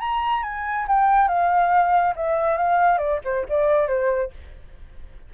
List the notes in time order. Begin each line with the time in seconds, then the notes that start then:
0.00 A#5
0.43 G#5
0.88 G5
1.29 F5
2.16 E5
2.57 F5
2.98 D5
3.25 C5
3.49 D5
3.88 C5